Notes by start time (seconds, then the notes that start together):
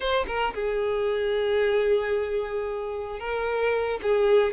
0.00 C5
0.27 A#4
0.54 G#4
3.19 A#4
4.02 G#4